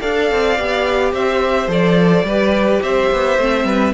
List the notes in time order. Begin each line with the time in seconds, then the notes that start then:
0.00 D4 A4 D5 F5
0.31 C4
0.58 B3 G4
1.12 C4 C5 E5
1.67 F3 A4 D5
2.23 G3 G4 B4
2.81 C4 C5 E5
3.11 B3
3.38 A3 C4
3.64 G3 B4